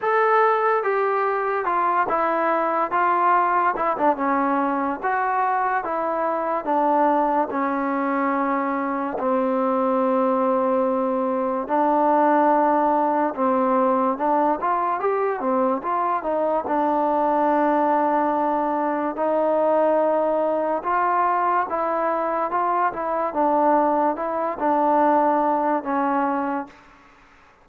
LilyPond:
\new Staff \with { instrumentName = "trombone" } { \time 4/4 \tempo 4 = 72 a'4 g'4 f'8 e'4 f'8~ | f'8 e'16 d'16 cis'4 fis'4 e'4 | d'4 cis'2 c'4~ | c'2 d'2 |
c'4 d'8 f'8 g'8 c'8 f'8 dis'8 | d'2. dis'4~ | dis'4 f'4 e'4 f'8 e'8 | d'4 e'8 d'4. cis'4 | }